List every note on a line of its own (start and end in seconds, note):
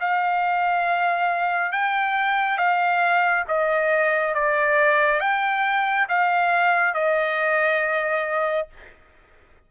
0.00 1.72 F5
1.72 2.57 G5
2.57 3.44 F5
3.48 4.34 D#5
4.34 5.20 D5
5.20 6.07 G5
6.09 6.94 F5
6.94 8.68 D#5